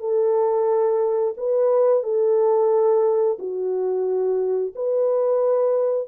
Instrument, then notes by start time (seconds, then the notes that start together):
horn
0.00 A4
1.38 B4
2.04 A4
3.39 F#4
4.76 B4